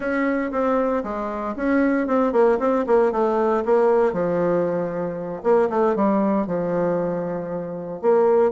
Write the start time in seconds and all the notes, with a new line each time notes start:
0.00 C#4
0.51 C4
1.03 G#3
1.56 C#4
2.07 C4
2.32 A#3
2.59 C4
2.86 A#3
3.12 A3
3.65 A#3
4.12 F3
5.43 A#3
5.69 A3
5.95 G3
6.46 F3
8.01 A#3